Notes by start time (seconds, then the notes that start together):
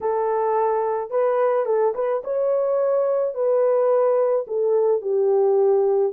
0.01 A4
1.10 B4
1.65 A4
1.94 B4
2.24 C#5
3.34 B4
4.47 A4
5.01 G4